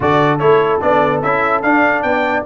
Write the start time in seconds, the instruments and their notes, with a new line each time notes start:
0.00 tuba D3, trombone F#4, horn A4, trumpet D5
0.38 tuba A3, trombone E4, trumpet C#5
0.81 tuba B3, trombone D4, trumpet D5
1.22 tuba C#4, trombone E4, trumpet E5
1.62 trombone D4, tuba D4, trumpet F5
2.02 tuba B3, horn D5, trumpet G5